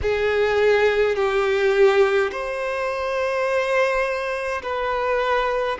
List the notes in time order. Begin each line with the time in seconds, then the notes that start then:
0.02 G#4
1.15 G4
2.31 C5
4.62 B4